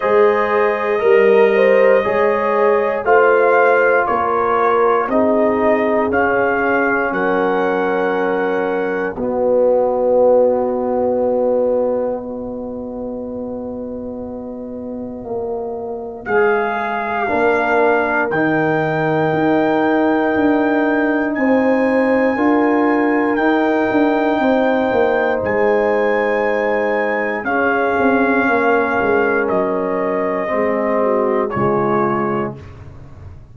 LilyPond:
<<
  \new Staff \with { instrumentName = "trumpet" } { \time 4/4 \tempo 4 = 59 dis''2. f''4 | cis''4 dis''4 f''4 fis''4~ | fis''4 dis''2.~ | dis''1 |
f''2 g''2~ | g''4 gis''2 g''4~ | g''4 gis''2 f''4~ | f''4 dis''2 cis''4 | }
  \new Staff \with { instrumentName = "horn" } { \time 4/4 c''4 ais'8 c''8 cis''4 c''4 | ais'4 gis'2 ais'4~ | ais'4 fis'2. | b'1~ |
b'4 ais'2.~ | ais'4 c''4 ais'2 | c''2. gis'4 | ais'2 gis'8 fis'8 f'4 | }
  \new Staff \with { instrumentName = "trombone" } { \time 4/4 gis'4 ais'4 gis'4 f'4~ | f'4 dis'4 cis'2~ | cis'4 b2. | fis'1 |
gis'4 d'4 dis'2~ | dis'2 f'4 dis'4~ | dis'2. cis'4~ | cis'2 c'4 gis4 | }
  \new Staff \with { instrumentName = "tuba" } { \time 4/4 gis4 g4 gis4 a4 | ais4 c'4 cis'4 fis4~ | fis4 b2.~ | b2. ais4 |
gis4 ais4 dis4 dis'4 | d'4 c'4 d'4 dis'8 d'8 | c'8 ais8 gis2 cis'8 c'8 | ais8 gis8 fis4 gis4 cis4 | }
>>